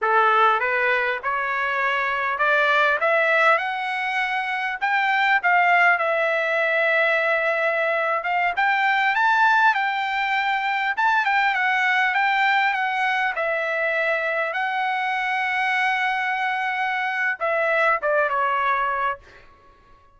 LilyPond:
\new Staff \with { instrumentName = "trumpet" } { \time 4/4 \tempo 4 = 100 a'4 b'4 cis''2 | d''4 e''4 fis''2 | g''4 f''4 e''2~ | e''4.~ e''16 f''8 g''4 a''8.~ |
a''16 g''2 a''8 g''8 fis''8.~ | fis''16 g''4 fis''4 e''4.~ e''16~ | e''16 fis''2.~ fis''8.~ | fis''4 e''4 d''8 cis''4. | }